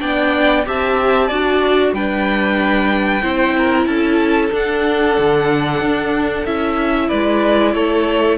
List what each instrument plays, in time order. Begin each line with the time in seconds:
0.00 cello B3, viola D4, violin D5 G5
0.65 cello C4, viola G4, violin E5 A5
1.27 cello D4, viola F#4, violin D5
1.93 cello G3, viola D4, violin B4 G5
3.22 cello C4, viola E4, violin C5
3.58 violin A#4
3.86 cello C#4, violin A4 A5
4.51 viola D4, cello D4, violin F#5
5.18 cello D3
5.81 cello D4
6.46 cello C#4, viola E4, violin E5
7.08 cello G#3, violin B4 D5
7.74 cello A3, violin A4 C#5